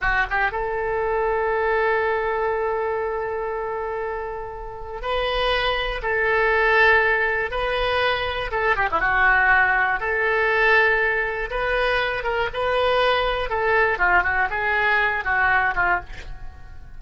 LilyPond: \new Staff \with { instrumentName = "oboe" } { \time 4/4 \tempo 4 = 120 fis'8 g'8 a'2.~ | a'1~ | a'2 b'2 | a'2. b'4~ |
b'4 a'8 g'16 e'16 fis'2 | a'2. b'4~ | b'8 ais'8 b'2 a'4 | f'8 fis'8 gis'4. fis'4 f'8 | }